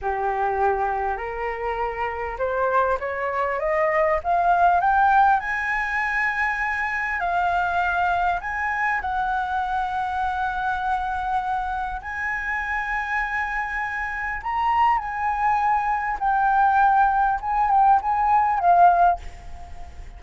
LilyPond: \new Staff \with { instrumentName = "flute" } { \time 4/4 \tempo 4 = 100 g'2 ais'2 | c''4 cis''4 dis''4 f''4 | g''4 gis''2. | f''2 gis''4 fis''4~ |
fis''1 | gis''1 | ais''4 gis''2 g''4~ | g''4 gis''8 g''8 gis''4 f''4 | }